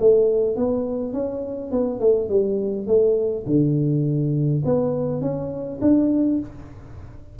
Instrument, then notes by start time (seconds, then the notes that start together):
tuba
0.00 A3
0.57 B3
1.13 C#4
1.72 B3
2.00 A3
2.29 G3
2.87 A3
3.47 D3
4.65 B3
5.22 C#4
5.82 D4